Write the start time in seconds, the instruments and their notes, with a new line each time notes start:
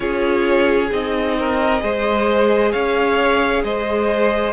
0.00 cello C#4, viola F4, violin G#4 C#5
0.90 cello C4, viola D#4, violin D#5
1.39 violin A#4
1.79 cello G#3, viola G#4, violin C5
2.71 cello C#4, violin C#5 F5
3.63 cello G#3, violin C5 D#5